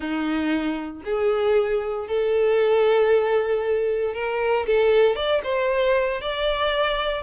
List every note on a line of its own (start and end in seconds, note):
0.00 1.02 D#4
1.04 2.07 G#4
2.07 4.14 A4
4.14 4.66 A#4
4.66 5.15 A4
5.15 5.41 D5
5.43 6.21 C5
6.21 7.22 D5